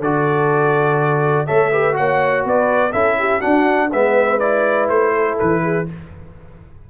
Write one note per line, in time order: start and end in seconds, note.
0.00 1.46 D3
0.00 1.47 F#4
0.00 1.46 A4
0.00 1.47 D5
1.46 1.98 A3
1.46 1.72 A4
1.46 1.71 C#5
1.46 1.95 E5
1.71 1.93 G4
1.71 1.96 B4
1.93 2.45 A#3
1.93 2.91 F#4
1.93 2.45 C#5
1.93 2.45 F#5
2.45 2.93 B3
2.45 2.92 B4
2.45 2.92 D5
2.92 3.43 C#4
2.92 3.41 E4
2.92 3.16 A4
2.92 3.41 E5
3.19 3.39 G4
3.39 3.90 D4
3.39 3.93 D4
3.39 3.88 F#4
3.39 3.90 F#5
3.92 4.90 G#3
3.92 4.40 B3
3.92 5.14 B4
3.92 4.39 E5
4.39 5.86 E4
4.39 4.88 D5
4.89 5.38 A3
4.89 5.38 C5
5.14 5.63 A4
5.40 5.90 E3
5.40 5.88 B4
5.63 5.87 G#4